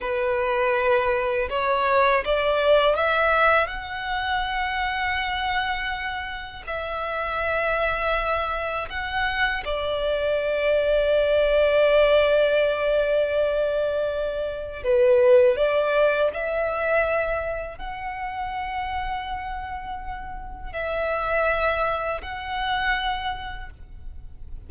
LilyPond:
\new Staff \with { instrumentName = "violin" } { \time 4/4 \tempo 4 = 81 b'2 cis''4 d''4 | e''4 fis''2.~ | fis''4 e''2. | fis''4 d''2.~ |
d''1 | b'4 d''4 e''2 | fis''1 | e''2 fis''2 | }